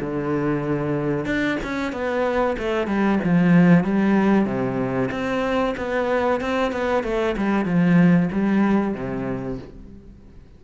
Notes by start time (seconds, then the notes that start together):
0.00 D3
1.25 D4
1.63 C#4
1.92 B3
2.58 A3
2.87 G3
3.24 F3
3.84 G3
4.45 C3
5.11 C4
5.77 B3
6.41 C4
6.72 B3
7.03 A3
7.37 G3
7.65 F3
8.32 G3
8.94 C3